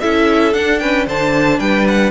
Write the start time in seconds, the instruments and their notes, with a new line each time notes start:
0.00 cello C#4, viola E4, violin A4 E5
0.53 viola D4, cello D4, violin F#5
0.79 viola C#4, violin B4 G5
1.06 cello D3, viola D4, violin C5 A5
1.59 cello G3, violin B4 G5
1.88 violin F#5